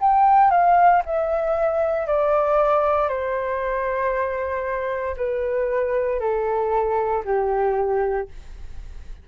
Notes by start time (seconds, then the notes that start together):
0.00 G5
0.50 F5
1.05 E5
2.07 D5
3.08 C5
5.16 B4
6.20 A4
7.25 G4